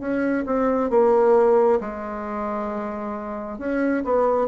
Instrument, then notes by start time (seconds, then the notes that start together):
bassoon
0.00 C#4
0.46 C4
0.90 A#3
1.81 G#3
3.59 C#4
4.05 B3